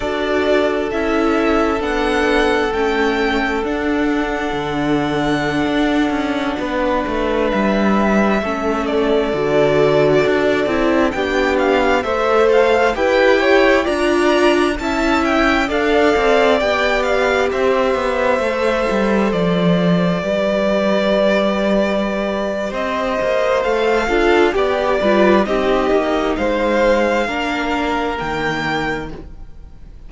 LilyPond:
<<
  \new Staff \with { instrumentName = "violin" } { \time 4/4 \tempo 4 = 66 d''4 e''4 fis''4 g''4 | fis''1~ | fis''16 e''4. d''2~ d''16~ | d''16 g''8 f''8 e''8 f''8 g''4 ais''8.~ |
ais''16 a''8 g''8 f''4 g''8 f''8 e''8.~ | e''4~ e''16 d''2~ d''8.~ | d''4 dis''4 f''4 d''4 | dis''4 f''2 g''4 | }
  \new Staff \with { instrumentName = "violin" } { \time 4/4 a'1~ | a'2.~ a'16 b'8.~ | b'4~ b'16 a'2~ a'8.~ | a'16 g'4 c''4 b'8 cis''8 d''8.~ |
d''16 e''4 d''2 c''8.~ | c''2~ c''16 b'4.~ b'16~ | b'4 c''4. a'8 g'8 b'8 | g'4 c''4 ais'2 | }
  \new Staff \with { instrumentName = "viola" } { \time 4/4 fis'4 e'4 d'4 cis'4 | d'1~ | d'4~ d'16 cis'4 fis'4. e'16~ | e'16 d'4 a'4 g'4 f'8.~ |
f'16 e'4 a'4 g'4.~ g'16~ | g'16 a'2 g'4.~ g'16~ | g'2 a'8 f'8 g'8 f'8 | dis'2 d'4 ais4 | }
  \new Staff \with { instrumentName = "cello" } { \time 4/4 d'4 cis'4 b4 a4 | d'4 d4~ d16 d'8 cis'8 b8 a16~ | a16 g4 a4 d4 d'8 c'16~ | c'16 b4 a4 e'4 d'8.~ |
d'16 cis'4 d'8 c'8 b4 c'8 b16~ | b16 a8 g8 f4 g4.~ g16~ | g4 c'8 ais8 a8 d'8 b8 g8 | c'8 ais8 gis4 ais4 dis4 | }
>>